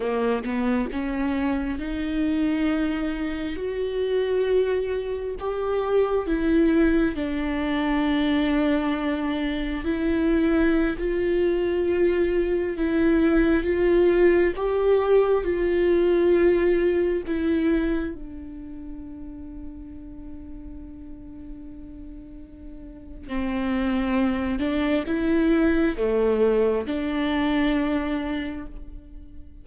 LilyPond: \new Staff \with { instrumentName = "viola" } { \time 4/4 \tempo 4 = 67 ais8 b8 cis'4 dis'2 | fis'2 g'4 e'4 | d'2. e'4~ | e'16 f'2 e'4 f'8.~ |
f'16 g'4 f'2 e'8.~ | e'16 d'2.~ d'8.~ | d'2 c'4. d'8 | e'4 a4 d'2 | }